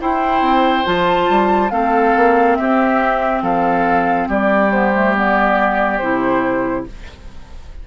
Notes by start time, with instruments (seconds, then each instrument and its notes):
0.00 clarinet E4, bassoon E4, oboe C5, flute G5
0.41 bassoon C4
0.84 bassoon F3, clarinet F4, flute A5
1.30 bassoon G3
1.70 bassoon A3, clarinet C4, oboe A4, flute F5
2.16 bassoon A#3
2.56 bassoon C4, oboe G4, flute E5
3.42 bassoon F3, oboe A4, flute F5
4.28 bassoon G3, oboe G4, flute D5
4.71 clarinet B3, flute C5
4.94 clarinet A3
5.16 clarinet B3, flute D5
5.98 bassoon C3, clarinet E4, flute C5